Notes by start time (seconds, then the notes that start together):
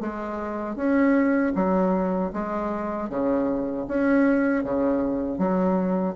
0.00 G#3
0.76 C#4
1.55 F#3
2.33 G#3
3.09 C#3
3.87 C#4
4.64 C#3
5.38 F#3